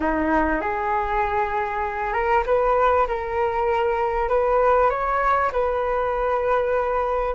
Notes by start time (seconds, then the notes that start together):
0.00 D#4
0.61 G#4
2.13 A#4
2.46 B4
3.07 A#4
4.28 B4
4.90 C#5
5.52 B4